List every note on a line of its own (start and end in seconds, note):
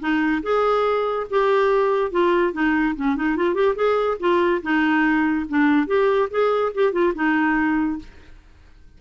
0.00 0.42 D#4
0.43 1.27 G#4
1.30 2.11 G4
2.11 2.53 F4
2.53 2.95 D#4
2.96 3.16 C#4
3.16 3.36 D#4
3.36 3.54 F4
3.54 3.75 G4
3.76 4.17 G#4
4.20 4.62 F4
4.62 5.46 D#4
5.49 5.87 D4
5.87 6.29 G4
6.31 6.72 G#4
6.75 6.92 G4
6.92 7.13 F4
7.15 7.99 D#4